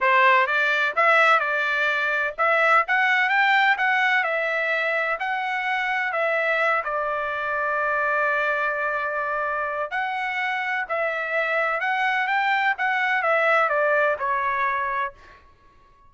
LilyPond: \new Staff \with { instrumentName = "trumpet" } { \time 4/4 \tempo 4 = 127 c''4 d''4 e''4 d''4~ | d''4 e''4 fis''4 g''4 | fis''4 e''2 fis''4~ | fis''4 e''4. d''4.~ |
d''1~ | d''4 fis''2 e''4~ | e''4 fis''4 g''4 fis''4 | e''4 d''4 cis''2 | }